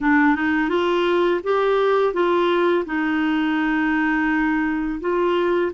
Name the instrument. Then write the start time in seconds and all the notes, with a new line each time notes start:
clarinet
0.00 D4
0.35 D#4
0.69 F4
1.43 G4
2.13 F4
2.85 D#4
5.00 F4